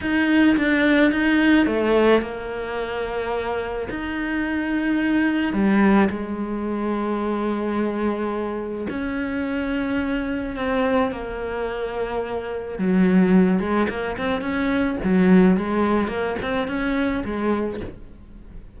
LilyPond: \new Staff \with { instrumentName = "cello" } { \time 4/4 \tempo 4 = 108 dis'4 d'4 dis'4 a4 | ais2. dis'4~ | dis'2 g4 gis4~ | gis1 |
cis'2. c'4 | ais2. fis4~ | fis8 gis8 ais8 c'8 cis'4 fis4 | gis4 ais8 c'8 cis'4 gis4 | }